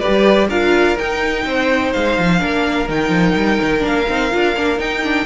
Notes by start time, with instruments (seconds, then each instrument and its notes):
0.00 viola G4, violin B4 D5
0.08 cello G3
0.49 cello D4, viola F4, violin A#4 F5
0.99 viola D#4, cello D#4, violin G5
1.46 cello C4, violin C5
1.93 cello G#3, violin F5
2.18 cello F3
2.39 cello A#3, viola D4, violin A#4
2.89 cello D#3, viola D#4, violin G5
3.10 cello F3
3.36 cello G3
3.62 cello D#3
3.80 cello A#3, viola D4, violin F5
4.09 cello C4, viola D#4
4.31 cello D4, viola F4
4.57 cello A#3, viola D4
4.78 viola D#4, cello D#4, violin G5
5.04 viola D4